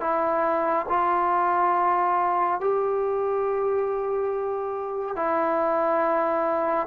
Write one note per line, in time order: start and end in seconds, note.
0.00 0.86 E4
0.88 2.60 F4
2.60 5.15 G4
5.15 6.86 E4